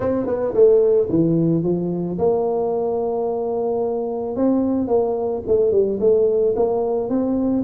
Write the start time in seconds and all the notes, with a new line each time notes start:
0.00 C4
0.26 B3
0.54 A3
1.09 E3
1.63 F3
2.18 A#3
4.36 C4
4.87 A#3
5.47 A3
5.71 G3
6.00 A3
6.56 A#3
7.09 C4